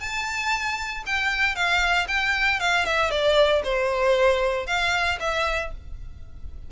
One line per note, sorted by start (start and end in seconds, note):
0.00 1.03 A5
1.06 1.55 G5
1.55 2.07 F5
2.08 2.60 G5
2.60 2.85 F5
2.85 3.11 E5
3.11 3.62 D5
3.64 4.67 C5
4.67 5.19 F5
5.20 5.72 E5